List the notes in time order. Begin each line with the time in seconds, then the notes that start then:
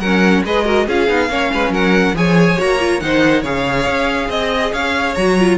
0.00 F#3 C#4 A#4 F#5
0.45 G#3 G#4 B4 D#5
0.65 F#4 A#4
0.87 C#4 F4 G#4 F5
1.08 B3 D#4
1.29 A#3 C#4 C#5
1.53 G#3 B4
1.70 F#3 A#4 F#5
2.14 F3 G#4 C#5 G#5
2.57 A#3 F#4 A#5
2.80 F4
3.01 D#3 D#4 C5 F#5
3.42 C#3 G#4 C#5 F5
3.86 C#4
4.29 C4 D#5
4.73 C#4 C#5 F5
5.15 F#3 F#4 A#5
5.40 F4